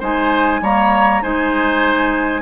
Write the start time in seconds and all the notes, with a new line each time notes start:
0.00 G#3 D#4 C5 G#5
0.61 G3 A#3 C#5 A#5
1.22 G#3 D#4 C5 G#5